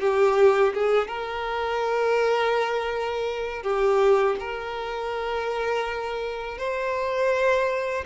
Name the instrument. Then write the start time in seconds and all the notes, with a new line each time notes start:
violin
0.00 G4
0.74 G#4
1.07 A#4
3.63 G4
4.39 A#4
6.58 C5